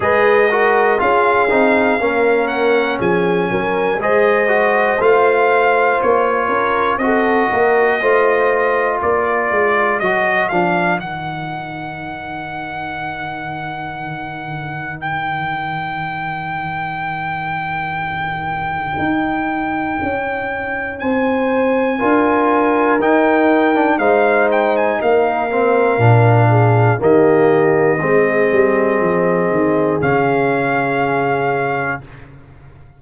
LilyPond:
<<
  \new Staff \with { instrumentName = "trumpet" } { \time 4/4 \tempo 4 = 60 dis''4 f''4. fis''8 gis''4 | dis''4 f''4 cis''4 dis''4~ | dis''4 d''4 dis''8 f''8 fis''4~ | fis''2. g''4~ |
g''1~ | g''4 gis''2 g''4 | f''8 g''16 gis''16 f''2 dis''4~ | dis''2 f''2 | }
  \new Staff \with { instrumentName = "horn" } { \time 4/4 b'8 ais'8 gis'4 ais'4 gis'8 ais'8 | c''2~ c''8 ais'8 a'8 ais'8 | c''4 ais'2.~ | ais'1~ |
ais'1~ | ais'4 c''4 ais'2 | c''4 ais'4. gis'8 g'4 | gis'1 | }
  \new Staff \with { instrumentName = "trombone" } { \time 4/4 gis'8 fis'8 f'8 dis'8 cis'2 | gis'8 fis'8 f'2 fis'4 | f'2 fis'8 d'8 dis'4~ | dis'1~ |
dis'1~ | dis'2 f'4 dis'8. d'16 | dis'4. c'8 d'4 ais4 | c'2 cis'2 | }
  \new Staff \with { instrumentName = "tuba" } { \time 4/4 gis4 cis'8 c'8 ais4 f8 fis8 | gis4 a4 ais8 cis'8 c'8 ais8 | a4 ais8 gis8 fis8 f8 dis4~ | dis1~ |
dis2. dis'4 | cis'4 c'4 d'4 dis'4 | gis4 ais4 ais,4 dis4 | gis8 g8 f8 dis8 cis2 | }
>>